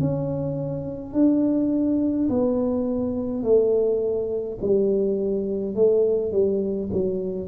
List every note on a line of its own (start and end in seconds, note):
0.00 1.13 C#4
1.13 2.29 D4
2.30 3.43 B3
3.43 4.58 A3
4.62 5.75 G3
5.75 6.32 A3
6.32 6.90 G3
6.92 7.48 F#3